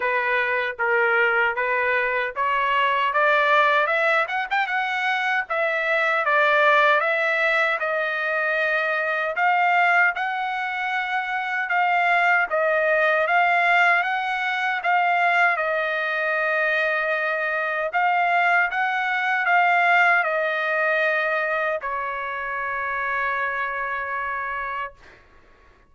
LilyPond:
\new Staff \with { instrumentName = "trumpet" } { \time 4/4 \tempo 4 = 77 b'4 ais'4 b'4 cis''4 | d''4 e''8 fis''16 g''16 fis''4 e''4 | d''4 e''4 dis''2 | f''4 fis''2 f''4 |
dis''4 f''4 fis''4 f''4 | dis''2. f''4 | fis''4 f''4 dis''2 | cis''1 | }